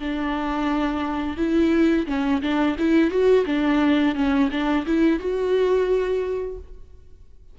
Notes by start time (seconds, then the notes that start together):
0.00 D4
1.38 E4
2.07 C#4
2.42 D4
2.79 E4
3.11 F#4
3.46 D4
4.15 C#4
4.51 D4
4.87 E4
5.20 F#4